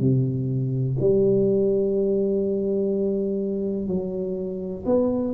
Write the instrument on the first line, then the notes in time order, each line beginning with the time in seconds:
tuba
0.00 C3
1.01 G3
3.88 F#3
4.86 B3